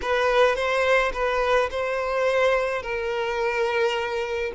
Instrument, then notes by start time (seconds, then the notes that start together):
violin
0.01 B4
0.55 C5
1.13 B4
1.70 C5
2.82 A#4